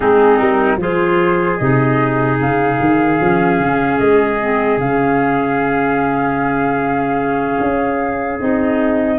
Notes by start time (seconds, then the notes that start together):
0.00 G#3 C4 D#4 G#4
0.38 G3 A#4
0.77 F3 F4 G#4 C5
1.56 C3 D#4 D#5
2.39 C#3 F5
2.80 D#3
3.20 F3 C#4
3.59 C#3
3.99 G#3 D#5
4.40 C4
4.77 C#3 C#4 F5
7.60 C#4
8.40 C4 D#4 D#5